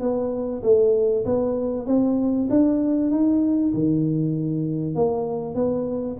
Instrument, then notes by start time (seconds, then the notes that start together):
tuba
0.00 B3
0.62 A3
1.25 B3
1.86 C4
2.50 D4
3.11 D#4
3.73 D#3
4.95 A#3
5.54 B3